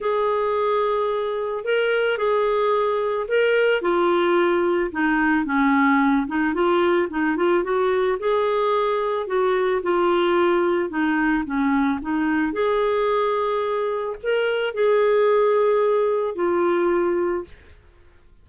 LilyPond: \new Staff \with { instrumentName = "clarinet" } { \time 4/4 \tempo 4 = 110 gis'2. ais'4 | gis'2 ais'4 f'4~ | f'4 dis'4 cis'4. dis'8 | f'4 dis'8 f'8 fis'4 gis'4~ |
gis'4 fis'4 f'2 | dis'4 cis'4 dis'4 gis'4~ | gis'2 ais'4 gis'4~ | gis'2 f'2 | }